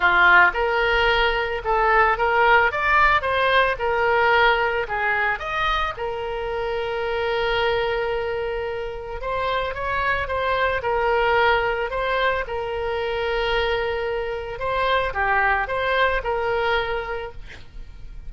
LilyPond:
\new Staff \with { instrumentName = "oboe" } { \time 4/4 \tempo 4 = 111 f'4 ais'2 a'4 | ais'4 d''4 c''4 ais'4~ | ais'4 gis'4 dis''4 ais'4~ | ais'1~ |
ais'4 c''4 cis''4 c''4 | ais'2 c''4 ais'4~ | ais'2. c''4 | g'4 c''4 ais'2 | }